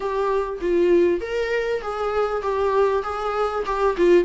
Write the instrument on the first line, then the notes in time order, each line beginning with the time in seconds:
viola
0.00 G4
0.61 F4
1.21 A#4
1.81 G#4
2.42 G4
3.02 G#4
3.65 G4
3.97 F4